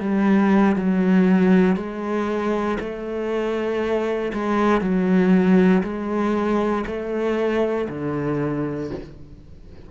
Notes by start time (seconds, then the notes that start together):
0.00 G3
0.76 F#3
1.77 G#3
2.80 A3
4.34 G#3
4.81 F#3
5.83 G#3
6.87 A3
7.89 D3